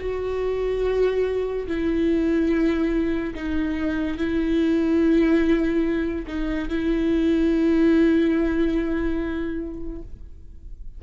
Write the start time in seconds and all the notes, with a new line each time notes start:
0.00 F#4
1.67 E4
3.35 D#4
4.18 E4
6.27 D#4
6.69 E4